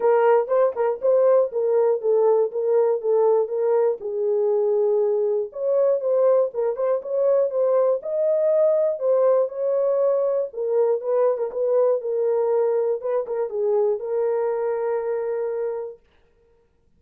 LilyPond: \new Staff \with { instrumentName = "horn" } { \time 4/4 \tempo 4 = 120 ais'4 c''8 ais'8 c''4 ais'4 | a'4 ais'4 a'4 ais'4 | gis'2. cis''4 | c''4 ais'8 c''8 cis''4 c''4 |
dis''2 c''4 cis''4~ | cis''4 ais'4 b'8. ais'16 b'4 | ais'2 b'8 ais'8 gis'4 | ais'1 | }